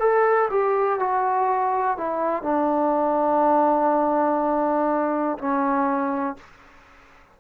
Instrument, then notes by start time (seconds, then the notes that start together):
trombone
0.00 A4
0.51 G4
1.00 F#4
1.98 E4
2.43 D4
5.38 C#4